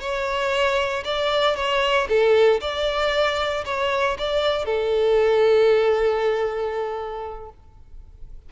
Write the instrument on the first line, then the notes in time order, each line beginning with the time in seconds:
violin
0.00 C#5
1.04 D5
1.56 C#5
2.09 A4
2.61 D5
3.65 C#5
4.18 D5
4.65 A4